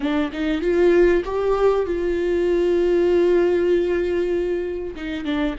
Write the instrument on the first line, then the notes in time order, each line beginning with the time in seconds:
viola
0.00 D4
0.32 D#4
0.61 F4
1.24 G4
1.86 F4
4.95 D#4
5.24 D4